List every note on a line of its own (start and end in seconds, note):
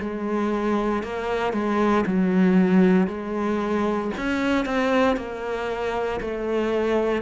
0.00 1.03 G#3
1.03 1.52 A#3
1.52 2.04 G#3
2.06 3.07 F#3
3.07 4.11 G#3
4.17 4.65 C#4
4.65 5.16 C4
5.16 6.20 A#3
6.20 7.22 A3